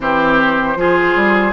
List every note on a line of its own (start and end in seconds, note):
0.00 0.75 E3
0.00 0.76 C4
0.00 0.78 G4
0.00 1.53 C5
0.75 1.14 F3
0.75 1.53 F4
0.75 1.53 G#4
1.15 1.53 G3